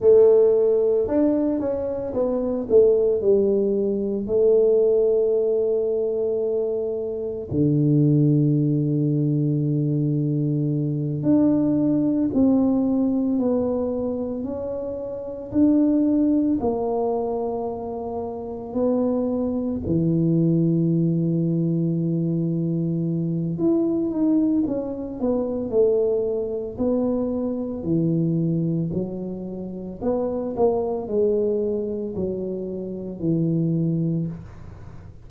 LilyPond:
\new Staff \with { instrumentName = "tuba" } { \time 4/4 \tempo 4 = 56 a4 d'8 cis'8 b8 a8 g4 | a2. d4~ | d2~ d8 d'4 c'8~ | c'8 b4 cis'4 d'4 ais8~ |
ais4. b4 e4.~ | e2 e'8 dis'8 cis'8 b8 | a4 b4 e4 fis4 | b8 ais8 gis4 fis4 e4 | }